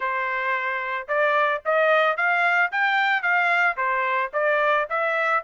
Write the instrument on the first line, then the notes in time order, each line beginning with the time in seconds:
trumpet
0.00 C5
1.08 D5
1.65 D#5
2.16 F5
2.71 G5
3.22 F5
3.76 C5
4.33 D5
4.89 E5